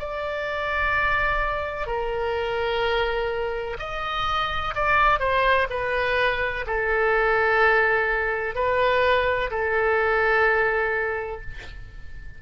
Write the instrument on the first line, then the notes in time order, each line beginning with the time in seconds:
oboe
0.00 D5
1.87 A#4
3.80 D#5
4.75 D5
5.20 C5
5.71 B4
6.67 A4
8.56 B4
9.51 A4